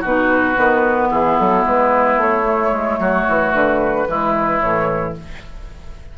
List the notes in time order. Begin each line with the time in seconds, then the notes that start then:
0.00 B2 D#4 F#4 B4
0.55 D#3 B3
1.10 E3 E4 G#4
1.39 F#3 A4
1.64 G#3 B4
2.16 A3 C#5
2.44 A3
2.72 G#3
2.99 F#3 F#4
3.28 E3
3.53 D3 B4
4.07 E3 G#3 E4
4.59 A2 E3 C#5